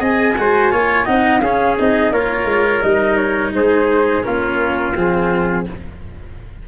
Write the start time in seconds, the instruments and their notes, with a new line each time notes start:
0.00 tuba C4, cello G#4, trumpet D#5, flute G#5
0.38 tuba G#3, cello F#4, trumpet C5
0.72 tuba A#3, cello F4, trumpet C#5
1.05 tuba C4, cello D#4, trumpet D#5, flute F#5
1.40 tuba C#4, cello C#4, trumpet G#4, flute F5
1.79 tuba C4, cello D#4, flute D#5
2.12 tuba A#3, cello F4, trumpet A#4, flute C#5
2.45 tuba G#3
2.83 tuba G3, cello D#4, flute D#5
3.17 flute C#5
3.53 tuba G#3, trumpet G#4, flute C5
4.23 tuba A#3, cello C#4, trumpet F4, flute A#4
4.96 tuba F3, cello C4, flute G#4